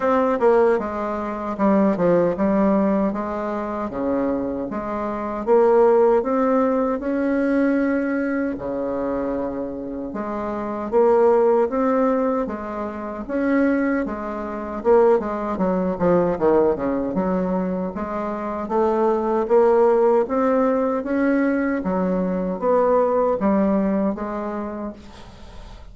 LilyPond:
\new Staff \with { instrumentName = "bassoon" } { \time 4/4 \tempo 4 = 77 c'8 ais8 gis4 g8 f8 g4 | gis4 cis4 gis4 ais4 | c'4 cis'2 cis4~ | cis4 gis4 ais4 c'4 |
gis4 cis'4 gis4 ais8 gis8 | fis8 f8 dis8 cis8 fis4 gis4 | a4 ais4 c'4 cis'4 | fis4 b4 g4 gis4 | }